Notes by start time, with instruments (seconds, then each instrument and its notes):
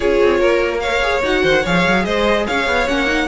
0.00 cello C#4, viola F4, violin G#4 C#5
0.23 cello C4
0.39 cello A#3, violin A#4
0.79 violin C#5 F5
0.86 viola A#4
1.02 viola G#4
1.22 cello D#4, viola F#4, violin F#5
1.43 cello D#3, violin C5
1.62 cello F3, viola G#4, violin C#5 F5
1.86 cello F#3
2.04 cello G#3, violin C5 D#5
2.46 cello C#4, violin C#5 F5
2.66 cello B3
2.88 cello A#3, viola C#4, violin F#5
3.06 viola D#4